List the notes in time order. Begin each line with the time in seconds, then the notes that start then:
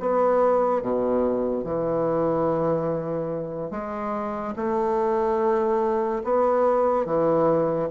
0.00 B3
0.82 B2
1.64 E3
3.71 G#3
4.56 A3
6.24 B3
7.06 E3